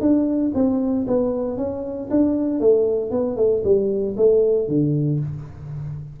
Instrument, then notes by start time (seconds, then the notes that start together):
tuba
0.00 D4
0.54 C4
1.07 B3
1.57 C#4
2.10 D4
2.60 A3
3.10 B3
3.36 A3
3.64 G3
4.16 A3
4.67 D3